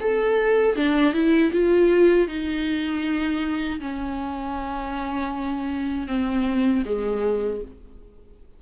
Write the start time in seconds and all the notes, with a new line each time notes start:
0.00 A4
0.76 D4
1.13 E4
1.52 F4
2.28 D#4
3.80 C#4
6.07 C4
6.85 G#3